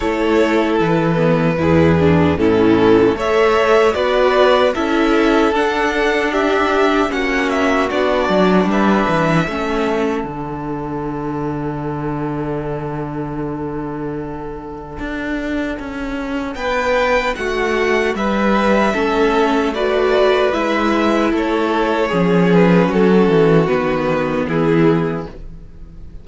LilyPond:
<<
  \new Staff \with { instrumentName = "violin" } { \time 4/4 \tempo 4 = 76 cis''4 b'2 a'4 | e''4 d''4 e''4 fis''4 | e''4 fis''8 e''8 d''4 e''4~ | e''4 fis''2.~ |
fis''1~ | fis''4 g''4 fis''4 e''4~ | e''4 d''4 e''4 cis''4~ | cis''8 b'8 a'4 b'4 gis'4 | }
  \new Staff \with { instrumentName = "violin" } { \time 4/4 a'2 gis'4 e'4 | cis''4 b'4 a'2 | g'4 fis'2 b'4 | a'1~ |
a'1~ | a'4 b'4 fis'4 b'4 | a'4 b'2 a'4 | gis'4 fis'2 e'4 | }
  \new Staff \with { instrumentName = "viola" } { \time 4/4 e'4. b8 e'8 d'8 cis'4 | a'4 fis'4 e'4 d'4~ | d'4 cis'4 d'2 | cis'4 d'2.~ |
d'1~ | d'1 | cis'4 fis'4 e'2 | cis'2 b2 | }
  \new Staff \with { instrumentName = "cello" } { \time 4/4 a4 e4 e,4 a,4 | a4 b4 cis'4 d'4~ | d'4 ais4 b8 fis8 g8 e8 | a4 d2.~ |
d2. d'4 | cis'4 b4 a4 g4 | a2 gis4 a4 | f4 fis8 e8 dis4 e4 | }
>>